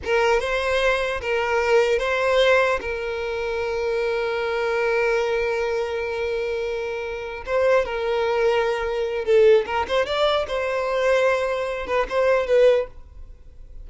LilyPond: \new Staff \with { instrumentName = "violin" } { \time 4/4 \tempo 4 = 149 ais'4 c''2 ais'4~ | ais'4 c''2 ais'4~ | ais'1~ | ais'1~ |
ais'2~ ais'8 c''4 ais'8~ | ais'2. a'4 | ais'8 c''8 d''4 c''2~ | c''4. b'8 c''4 b'4 | }